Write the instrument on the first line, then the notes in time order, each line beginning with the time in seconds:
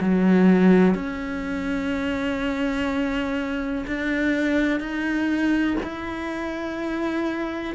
cello
0.00 F#3
0.94 C#4
3.87 D4
4.79 D#4
5.83 E4